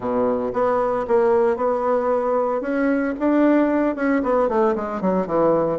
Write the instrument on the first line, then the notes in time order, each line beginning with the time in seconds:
bassoon
0.00 B2
0.53 B3
1.07 A#3
1.56 B3
2.61 C#4
3.19 D4
3.95 C#4
4.23 B3
4.48 A3
4.75 G#3
5.01 F#3
5.26 E3